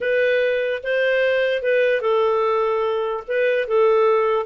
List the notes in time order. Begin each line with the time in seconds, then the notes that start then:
0.01 B4
0.83 C5
1.62 B4
2.01 A4
3.27 B4
3.67 A4